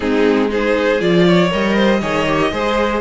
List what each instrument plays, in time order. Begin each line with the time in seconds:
0.00 cello G#3, viola C4, violin D#4 G#4
0.49 viola D#4, violin G#4 C5
0.99 cello F3, viola F4, violin D5
1.27 violin C#5
1.49 cello G3, viola A#4, violin D#5
1.75 violin C5
2.01 cello D#3, viola G#4, violin C#5
2.27 viola G4
2.52 cello G#3, viola G#4, violin C5